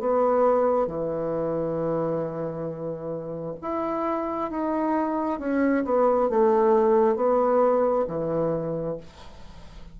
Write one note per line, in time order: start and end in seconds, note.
0.00 0.87 B3
0.87 3.56 E3
3.62 4.51 E4
4.51 5.39 D#4
5.39 5.84 C#4
5.85 6.29 B3
6.30 7.16 A3
7.16 8.05 B3
8.08 8.97 E3